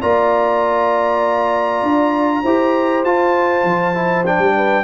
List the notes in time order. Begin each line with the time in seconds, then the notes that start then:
0.00 A#3 F4 D5 A#5
1.83 D4
2.43 E4 G4 C5
3.04 F4 A5
3.64 F3
3.94 E4
4.26 D4 G5
4.39 G3
4.56 B4